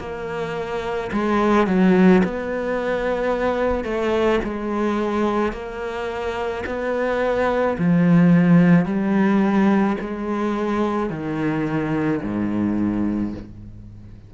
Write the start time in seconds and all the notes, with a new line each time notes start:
0.00 A#3
1.13 G#3
1.67 F#3
2.25 B3
3.84 A3
4.44 G#3
5.53 A#3
6.67 B3
7.78 F3
8.86 G3
10.01 G#3
11.10 D#3
12.23 G#2